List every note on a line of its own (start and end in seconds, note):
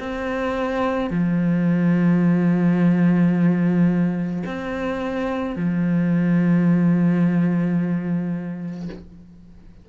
0.00 1.11 C4
1.11 4.44 F3
4.46 5.56 C4
5.56 8.89 F3